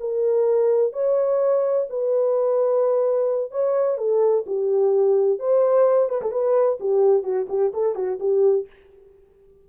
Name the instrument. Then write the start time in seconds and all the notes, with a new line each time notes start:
horn
0.00 A#4
0.93 C#5
1.90 B4
3.51 C#5
3.98 A4
4.46 G4
5.39 C5
6.10 B4
6.22 A4
6.32 B4
6.80 G4
7.23 F#4
7.49 G4
7.74 A4
7.95 F#4
8.20 G4